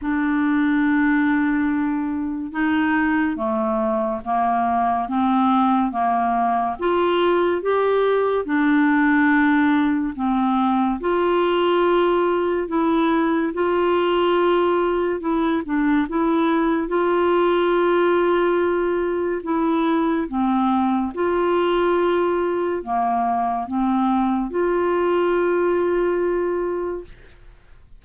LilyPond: \new Staff \with { instrumentName = "clarinet" } { \time 4/4 \tempo 4 = 71 d'2. dis'4 | a4 ais4 c'4 ais4 | f'4 g'4 d'2 | c'4 f'2 e'4 |
f'2 e'8 d'8 e'4 | f'2. e'4 | c'4 f'2 ais4 | c'4 f'2. | }